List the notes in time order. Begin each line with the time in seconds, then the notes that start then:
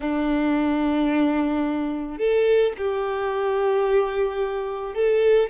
0.00 D4
2.17 A4
2.77 G4
4.94 A4